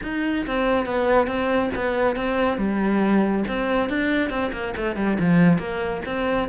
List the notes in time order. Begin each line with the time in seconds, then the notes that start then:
0.02 D#4
0.46 C4
0.85 B3
1.27 C4
1.75 B3
2.16 C4
2.57 G3
3.47 C4
3.89 D4
4.29 C4
4.52 A#3
4.76 A3
4.95 G3
5.19 F3
5.58 A#3
6.05 C4